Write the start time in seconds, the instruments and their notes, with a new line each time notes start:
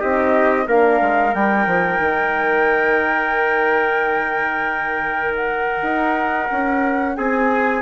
0.00 bassoon C4, horn D#4, trumpet G4, flute D#5
0.67 bassoon A#3, horn D4, trumpet A#4, flute F5
1.02 bassoon G#3
1.34 bassoon G3, horn D#4, flute G5
1.66 bassoon F3
1.99 bassoon D#3
5.35 flute F#5
5.82 bassoon D#4
6.51 bassoon C#4
7.16 bassoon C4, trumpet G#4, flute G#5